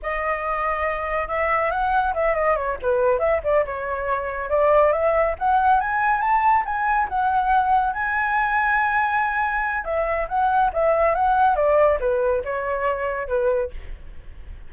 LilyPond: \new Staff \with { instrumentName = "flute" } { \time 4/4 \tempo 4 = 140 dis''2. e''4 | fis''4 e''8 dis''8 cis''8 b'4 e''8 | d''8 cis''2 d''4 e''8~ | e''8 fis''4 gis''4 a''4 gis''8~ |
gis''8 fis''2 gis''4.~ | gis''2. e''4 | fis''4 e''4 fis''4 d''4 | b'4 cis''2 b'4 | }